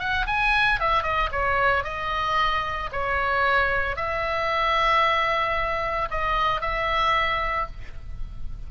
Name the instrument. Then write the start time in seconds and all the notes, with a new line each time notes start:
oboe
0.00 F#5
0.27 G#5
0.80 E5
1.03 D#5
1.32 C#5
1.84 D#5
2.93 C#5
3.97 E5
6.11 D#5
6.61 E5